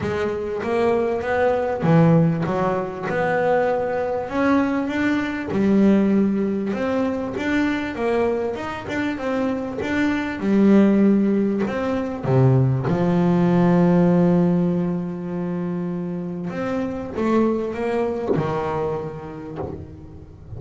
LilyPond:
\new Staff \with { instrumentName = "double bass" } { \time 4/4 \tempo 4 = 98 gis4 ais4 b4 e4 | fis4 b2 cis'4 | d'4 g2 c'4 | d'4 ais4 dis'8 d'8 c'4 |
d'4 g2 c'4 | c4 f2.~ | f2. c'4 | a4 ais4 dis2 | }